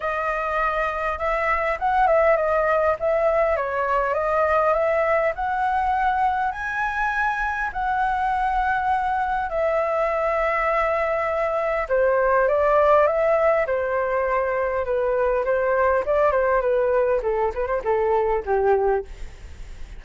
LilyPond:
\new Staff \with { instrumentName = "flute" } { \time 4/4 \tempo 4 = 101 dis''2 e''4 fis''8 e''8 | dis''4 e''4 cis''4 dis''4 | e''4 fis''2 gis''4~ | gis''4 fis''2. |
e''1 | c''4 d''4 e''4 c''4~ | c''4 b'4 c''4 d''8 c''8 | b'4 a'8 b'16 c''16 a'4 g'4 | }